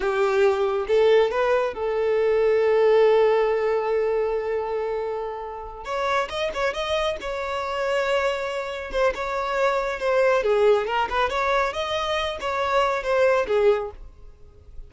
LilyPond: \new Staff \with { instrumentName = "violin" } { \time 4/4 \tempo 4 = 138 g'2 a'4 b'4 | a'1~ | a'1~ | a'4. cis''4 dis''8 cis''8 dis''8~ |
dis''8 cis''2.~ cis''8~ | cis''8 c''8 cis''2 c''4 | gis'4 ais'8 b'8 cis''4 dis''4~ | dis''8 cis''4. c''4 gis'4 | }